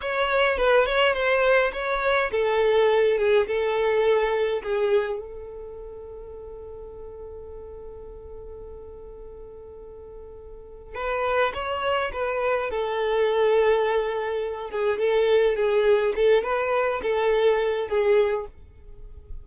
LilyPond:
\new Staff \with { instrumentName = "violin" } { \time 4/4 \tempo 4 = 104 cis''4 b'8 cis''8 c''4 cis''4 | a'4. gis'8 a'2 | gis'4 a'2.~ | a'1~ |
a'2. b'4 | cis''4 b'4 a'2~ | a'4. gis'8 a'4 gis'4 | a'8 b'4 a'4. gis'4 | }